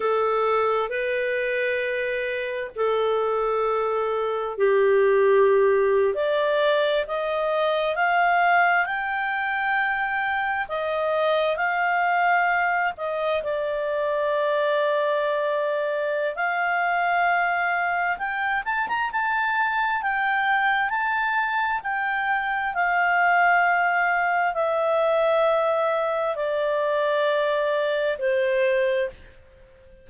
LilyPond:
\new Staff \with { instrumentName = "clarinet" } { \time 4/4 \tempo 4 = 66 a'4 b'2 a'4~ | a'4 g'4.~ g'16 d''4 dis''16~ | dis''8. f''4 g''2 dis''16~ | dis''8. f''4. dis''8 d''4~ d''16~ |
d''2 f''2 | g''8 a''16 ais''16 a''4 g''4 a''4 | g''4 f''2 e''4~ | e''4 d''2 c''4 | }